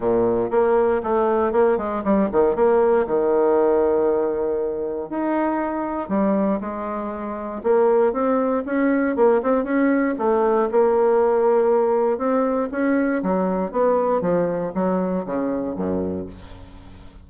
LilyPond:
\new Staff \with { instrumentName = "bassoon" } { \time 4/4 \tempo 4 = 118 ais,4 ais4 a4 ais8 gis8 | g8 dis8 ais4 dis2~ | dis2 dis'2 | g4 gis2 ais4 |
c'4 cis'4 ais8 c'8 cis'4 | a4 ais2. | c'4 cis'4 fis4 b4 | f4 fis4 cis4 fis,4 | }